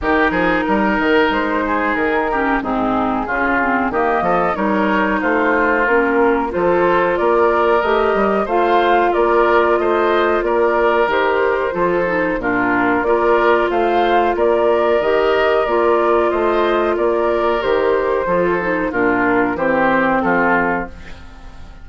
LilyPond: <<
  \new Staff \with { instrumentName = "flute" } { \time 4/4 \tempo 4 = 92 ais'2 c''4 ais'4 | gis'2 dis''4 cis''4 | c''4 ais'4 c''4 d''4 | dis''4 f''4 d''4 dis''4 |
d''4 c''2 ais'4 | d''4 f''4 d''4 dis''4 | d''4 dis''4 d''4 c''4~ | c''4 ais'4 c''4 a'4 | }
  \new Staff \with { instrumentName = "oboe" } { \time 4/4 g'8 gis'8 ais'4. gis'4 g'8 | dis'4 f'4 g'8 a'8 ais'4 | f'2 a'4 ais'4~ | ais'4 c''4 ais'4 c''4 |
ais'2 a'4 f'4 | ais'4 c''4 ais'2~ | ais'4 c''4 ais'2 | a'4 f'4 g'4 f'4 | }
  \new Staff \with { instrumentName = "clarinet" } { \time 4/4 dis'2.~ dis'8 cis'8 | c'4 cis'8 c'8 ais4 dis'4~ | dis'4 cis'4 f'2 | g'4 f'2.~ |
f'4 g'4 f'8 dis'8 d'4 | f'2. g'4 | f'2. g'4 | f'8 dis'8 d'4 c'2 | }
  \new Staff \with { instrumentName = "bassoon" } { \time 4/4 dis8 f8 g8 dis8 gis4 dis4 | gis,4 cis4 dis8 f8 g4 | a4 ais4 f4 ais4 | a8 g8 a4 ais4 a4 |
ais4 dis4 f4 ais,4 | ais4 a4 ais4 dis4 | ais4 a4 ais4 dis4 | f4 ais,4 e4 f4 | }
>>